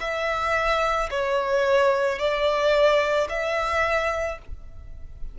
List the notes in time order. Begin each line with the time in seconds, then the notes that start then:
0.00 E5
1.10 C#5
2.18 D5
3.29 E5